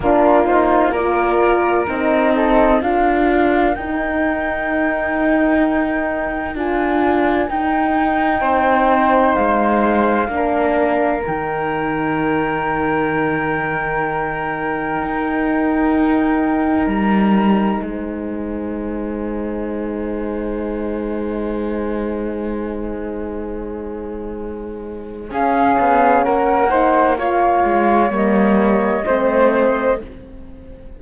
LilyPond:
<<
  \new Staff \with { instrumentName = "flute" } { \time 4/4 \tempo 4 = 64 ais'8 c''8 d''4 dis''4 f''4 | g''2. gis''4 | g''2 f''2 | g''1~ |
g''2 ais''4 gis''4~ | gis''1~ | gis''2. f''4 | fis''4 f''4 dis''2 | }
  \new Staff \with { instrumentName = "flute" } { \time 4/4 f'4 ais'4. a'8 ais'4~ | ais'1~ | ais'4 c''2 ais'4~ | ais'1~ |
ais'2. c''4~ | c''1~ | c''2. gis'4 | ais'8 c''8 cis''2 c''4 | }
  \new Staff \with { instrumentName = "horn" } { \time 4/4 d'8 dis'8 f'4 dis'4 f'4 | dis'2. f'4 | dis'2. d'4 | dis'1~ |
dis'1~ | dis'1~ | dis'2. cis'4~ | cis'8 dis'8 f'4 ais4 c'4 | }
  \new Staff \with { instrumentName = "cello" } { \time 4/4 ais2 c'4 d'4 | dis'2. d'4 | dis'4 c'4 gis4 ais4 | dis1 |
dis'2 g4 gis4~ | gis1~ | gis2. cis'8 b8 | ais4. gis8 g4 a4 | }
>>